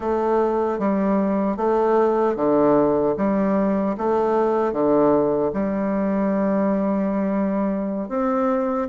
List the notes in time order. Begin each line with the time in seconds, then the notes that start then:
0.00 A3
0.79 G3
1.56 A3
2.36 D3
3.17 G3
3.97 A3
4.72 D3
5.53 G3
8.08 C4